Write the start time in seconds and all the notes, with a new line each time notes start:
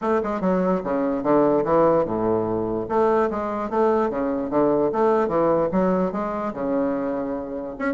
0.01 A3
0.23 G#3
0.40 F#3
0.83 C#3
1.23 D3
1.64 E3
2.05 A2
2.88 A3
3.30 G#3
3.69 A3
4.10 C#3
4.50 D3
4.92 A3
5.28 E3
5.71 F#3
6.12 G#3
6.53 C#3
7.78 C#4